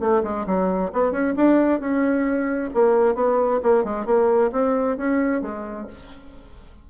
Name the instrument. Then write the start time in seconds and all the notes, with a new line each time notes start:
bassoon
0.00 A3
0.23 G#3
0.46 F#3
0.92 B3
1.11 C#4
1.36 D4
1.80 C#4
2.74 A#3
3.15 B3
3.63 A#3
3.84 G#3
4.06 A#3
4.52 C4
4.97 C#4
5.42 G#3